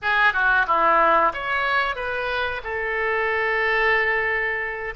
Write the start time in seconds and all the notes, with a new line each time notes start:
0.02 G#4
0.33 F#4
0.67 E4
1.33 C#5
1.95 B4
2.63 A4